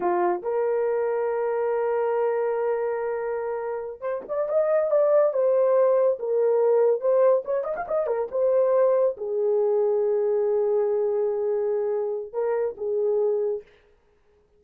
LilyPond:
\new Staff \with { instrumentName = "horn" } { \time 4/4 \tempo 4 = 141 f'4 ais'2.~ | ais'1~ | ais'4. c''8 d''8 dis''4 d''8~ | d''8 c''2 ais'4.~ |
ais'8 c''4 cis''8 dis''16 f''16 dis''8 ais'8 c''8~ | c''4. gis'2~ gis'8~ | gis'1~ | gis'4 ais'4 gis'2 | }